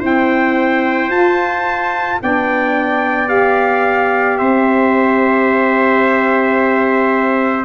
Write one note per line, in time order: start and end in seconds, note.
0.00 1.12 C4
0.00 1.09 E4
0.00 2.18 C5
0.00 1.11 G5
1.09 2.18 F4
1.09 2.21 F4
1.09 2.20 A5
2.22 4.40 B3
2.22 3.26 D4
2.22 4.40 D5
2.22 3.29 G5
3.26 7.63 G4
3.26 4.38 F5
4.38 7.65 C4
4.38 7.65 C5
4.38 7.65 E5